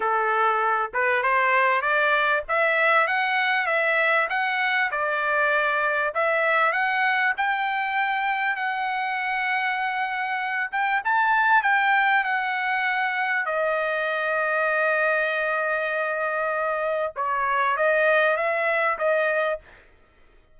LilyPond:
\new Staff \with { instrumentName = "trumpet" } { \time 4/4 \tempo 4 = 98 a'4. b'8 c''4 d''4 | e''4 fis''4 e''4 fis''4 | d''2 e''4 fis''4 | g''2 fis''2~ |
fis''4. g''8 a''4 g''4 | fis''2 dis''2~ | dis''1 | cis''4 dis''4 e''4 dis''4 | }